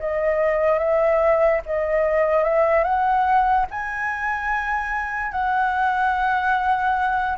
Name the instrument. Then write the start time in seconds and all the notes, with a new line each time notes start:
flute
0.00 D#5
0.79 E5
1.66 D#5
2.44 E5
2.84 F#5
3.71 G#5
5.32 F#5